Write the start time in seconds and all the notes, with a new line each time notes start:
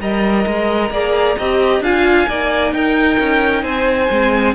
0.00 G3 A#4 D#5 A#5
0.47 G#3
0.90 A#3 G#4 D5
1.37 C4 G4 D#5
1.80 D4 F4 F5 G#5
2.29 A#3 D#4 D5
2.73 D#4 A#4 G5
3.20 C#4
3.63 C4 C5 G#5
4.10 G#3 C4